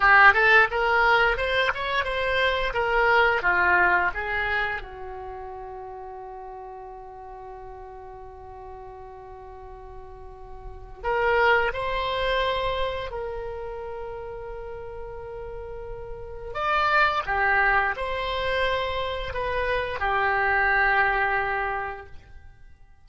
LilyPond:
\new Staff \with { instrumentName = "oboe" } { \time 4/4 \tempo 4 = 87 g'8 a'8 ais'4 c''8 cis''8 c''4 | ais'4 f'4 gis'4 fis'4~ | fis'1~ | fis'1 |
ais'4 c''2 ais'4~ | ais'1 | d''4 g'4 c''2 | b'4 g'2. | }